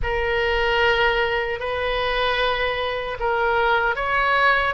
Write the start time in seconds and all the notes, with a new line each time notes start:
0.03 A#4
1.59 B4
3.19 A#4
3.95 C#5